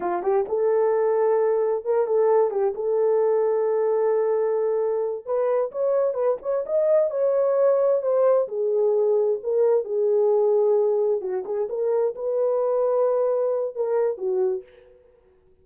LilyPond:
\new Staff \with { instrumentName = "horn" } { \time 4/4 \tempo 4 = 131 f'8 g'8 a'2. | ais'8 a'4 g'8 a'2~ | a'2.~ a'8 b'8~ | b'8 cis''4 b'8 cis''8 dis''4 cis''8~ |
cis''4. c''4 gis'4.~ | gis'8 ais'4 gis'2~ gis'8~ | gis'8 fis'8 gis'8 ais'4 b'4.~ | b'2 ais'4 fis'4 | }